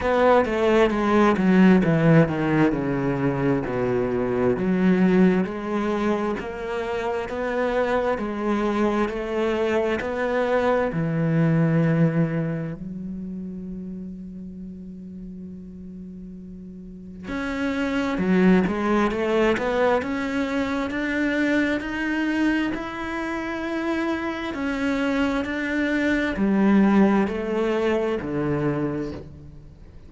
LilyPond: \new Staff \with { instrumentName = "cello" } { \time 4/4 \tempo 4 = 66 b8 a8 gis8 fis8 e8 dis8 cis4 | b,4 fis4 gis4 ais4 | b4 gis4 a4 b4 | e2 fis2~ |
fis2. cis'4 | fis8 gis8 a8 b8 cis'4 d'4 | dis'4 e'2 cis'4 | d'4 g4 a4 d4 | }